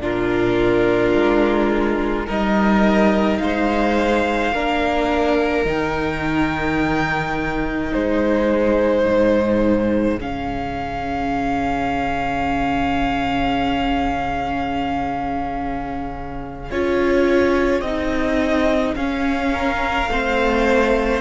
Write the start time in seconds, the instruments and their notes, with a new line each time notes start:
0.00 cello A#2, viola D4, violin F4 A#4
1.13 cello G#3
2.25 cello G3, viola D#4, violin A#4 D#5
3.37 cello G#3, violin C5 F5
4.53 cello A#3, viola D4, violin A#4
5.65 cello D#3, viola D#4, violin G5
7.93 cello G#3, violin G#4 C5
9.05 cello G#2
10.19 cello C#3, viola C#4, violin F5
16.71 cello C#4, viola F4, violin C#5
17.81 cello C4, viola D#4, violin D#5
18.95 cello C#4, viola C#4, violin F5
19.53 violin A#4
20.07 cello A3, viola C4, violin C5